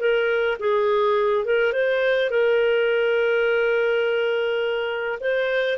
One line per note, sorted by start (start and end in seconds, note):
0.00 0.58 A#4
0.60 1.45 G#4
1.45 1.73 A#4
1.73 2.31 C5
2.31 5.19 A#4
5.21 5.78 C5